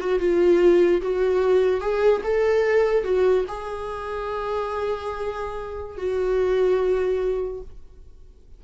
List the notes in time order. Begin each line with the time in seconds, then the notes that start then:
0.00 F#4
0.20 F4
1.02 F#4
1.81 G#4
2.24 A4
3.04 F#4
3.48 G#4
5.98 F#4